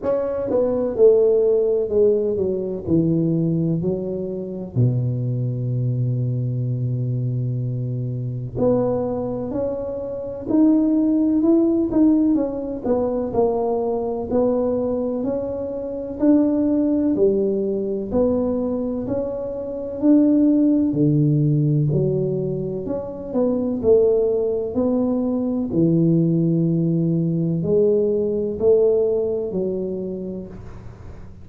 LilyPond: \new Staff \with { instrumentName = "tuba" } { \time 4/4 \tempo 4 = 63 cis'8 b8 a4 gis8 fis8 e4 | fis4 b,2.~ | b,4 b4 cis'4 dis'4 | e'8 dis'8 cis'8 b8 ais4 b4 |
cis'4 d'4 g4 b4 | cis'4 d'4 d4 fis4 | cis'8 b8 a4 b4 e4~ | e4 gis4 a4 fis4 | }